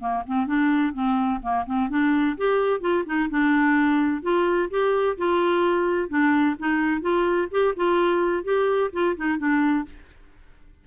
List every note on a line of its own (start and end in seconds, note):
0.00 0.23 A#3
0.27 0.47 C4
0.47 0.94 D4
0.94 1.41 C4
1.42 1.66 A#3
1.67 1.90 C4
1.90 2.37 D4
2.38 2.81 G4
2.81 3.04 F4
3.06 3.29 D#4
3.30 4.23 D4
4.23 4.69 F4
4.70 5.17 G4
5.18 6.09 F4
6.09 6.56 D4
6.59 7.02 D#4
7.02 7.49 F4
7.51 7.75 G4
7.77 8.44 F4
8.44 8.91 G4
8.93 9.16 F4
9.17 9.38 D#4
9.38 9.85 D4